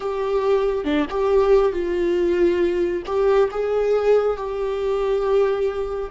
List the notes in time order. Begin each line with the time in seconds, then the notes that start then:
0.00 G4
0.84 D4
1.09 G4
1.72 F4
3.06 G4
3.51 G#4
4.36 G4